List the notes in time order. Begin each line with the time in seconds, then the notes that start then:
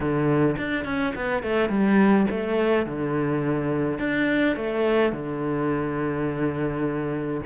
0.00 D3
0.57 D4
0.84 C#4
1.15 B3
1.43 A3
1.69 G3
2.30 A3
2.85 D3
3.98 D4
4.56 A3
5.12 D3